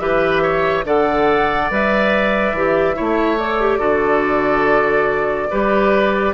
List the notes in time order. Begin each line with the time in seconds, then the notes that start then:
0.00 E3 G4 B4 E5
0.43 C#5
0.85 D3 A4 D5 F#5
1.71 G3 B4 E5
2.53 E3 G4
2.95 A3 E4 C#5
3.39 A4 D5
3.61 G4
3.79 D3 F#4 A4
5.51 G3 G4 B4